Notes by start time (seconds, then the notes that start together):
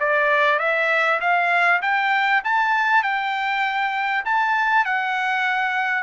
0.00 D5
0.59 E5
1.21 F5
1.82 G5
2.45 A5
3.03 G5
4.25 A5
4.85 F#5